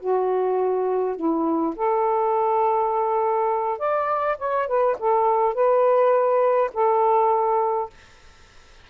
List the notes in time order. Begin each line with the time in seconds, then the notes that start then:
0.00 F#4
1.17 E4
1.76 A4
3.79 D5
4.38 C#5
4.67 B4
4.99 A4
5.54 B4
6.74 A4